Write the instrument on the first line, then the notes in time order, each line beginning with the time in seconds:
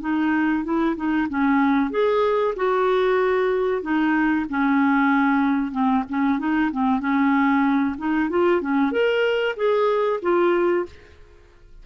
clarinet
0.00 D#4
0.63 E4
0.95 D#4
1.28 C#4
1.90 G#4
2.56 F#4
3.82 D#4
4.49 C#4
5.71 C4
6.09 C#4
6.39 D#4
6.71 C4
6.99 C#4
7.98 D#4
8.29 F4
8.61 C#4
8.91 A#4
9.56 G#4
10.22 F4